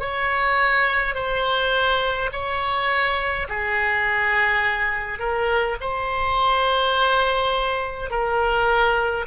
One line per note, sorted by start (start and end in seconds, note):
0.00 1.15 C#5
1.15 2.30 C5
2.32 3.48 C#5
3.48 5.19 G#4
5.19 5.77 A#4
5.81 8.10 C5
8.10 9.26 A#4